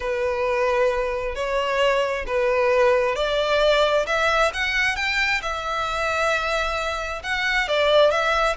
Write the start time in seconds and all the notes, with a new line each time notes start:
0.00 B4
1.35 C#5
2.27 B4
3.15 D5
4.06 E5
4.53 F#5
4.96 G5
5.42 E5
7.23 F#5
7.68 D5
8.10 E5